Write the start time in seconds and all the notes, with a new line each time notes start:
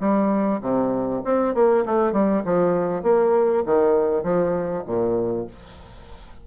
0.00 G3
0.61 C3
1.24 C4
1.54 A#3
1.85 A3
2.12 G3
2.45 F3
3.03 A#3
3.66 D#3
4.23 F3
4.86 A#2